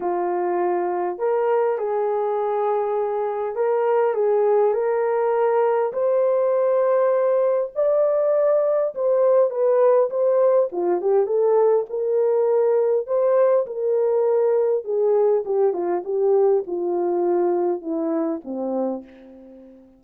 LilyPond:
\new Staff \with { instrumentName = "horn" } { \time 4/4 \tempo 4 = 101 f'2 ais'4 gis'4~ | gis'2 ais'4 gis'4 | ais'2 c''2~ | c''4 d''2 c''4 |
b'4 c''4 f'8 g'8 a'4 | ais'2 c''4 ais'4~ | ais'4 gis'4 g'8 f'8 g'4 | f'2 e'4 c'4 | }